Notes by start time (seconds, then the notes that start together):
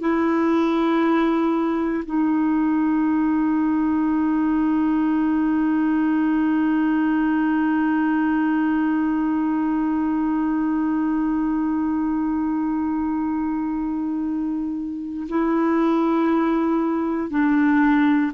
0.00 E4
2.05 D#4
15.29 E4
17.30 D4